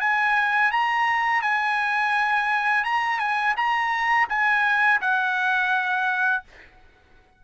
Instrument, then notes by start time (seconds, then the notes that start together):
trumpet
0.00 G#5
0.71 A#5
1.41 G#5
2.84 A#5
3.19 G#5
3.56 A#5
4.29 G#5
5.01 F#5